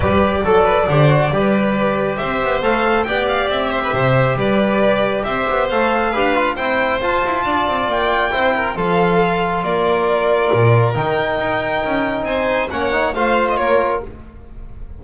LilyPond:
<<
  \new Staff \with { instrumentName = "violin" } { \time 4/4 \tempo 4 = 137 d''1~ | d''4 e''4 f''4 g''8 f''8 | e''2 d''2 | e''4 f''2 g''4 |
a''2 g''2 | f''2 d''2~ | d''4 g''2. | gis''4 fis''4 f''8. dis''16 cis''4 | }
  \new Staff \with { instrumentName = "violin" } { \time 4/4 b'4 a'8 b'8 c''4 b'4~ | b'4 c''2 d''4~ | d''8 c''16 b'16 c''4 b'2 | c''2 b'4 c''4~ |
c''4 d''2 c''8 ais'8 | a'2 ais'2~ | ais'1 | c''4 cis''4 c''4 ais'4 | }
  \new Staff \with { instrumentName = "trombone" } { \time 4/4 g'4 a'4 g'8 fis'8 g'4~ | g'2 a'4 g'4~ | g'1~ | g'4 a'4 g'8 f'8 e'4 |
f'2. e'4 | f'1~ | f'4 dis'2.~ | dis'4 cis'8 dis'8 f'2 | }
  \new Staff \with { instrumentName = "double bass" } { \time 4/4 g4 fis4 d4 g4~ | g4 c'8 b8 a4 b4 | c'4 c4 g2 | c'8 b8 a4 d'4 c'4 |
f'8 e'8 d'8 c'8 ais4 c'4 | f2 ais2 | ais,4 dis4 dis'4 cis'4 | c'4 ais4 a4 ais4 | }
>>